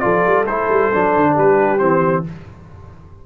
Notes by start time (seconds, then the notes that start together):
0.00 F3 F4 A4 D5
0.26 G3
0.45 A3 E4 C5
0.69 G3
0.93 F#3 D4
1.16 D3
1.35 G3 G4 B4
1.79 E3 C4 C5